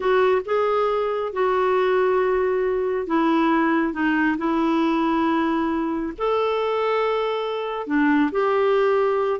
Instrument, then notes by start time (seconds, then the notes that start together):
clarinet
0.00 F#4
0.45 G#4
1.32 F#4
3.06 E4
3.93 D#4
4.37 E4
6.18 A4
7.86 D4
8.31 G4